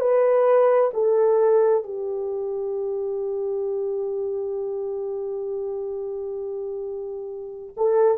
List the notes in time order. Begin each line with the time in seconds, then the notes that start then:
0.00 B4
0.93 A4
1.83 G4
7.77 A4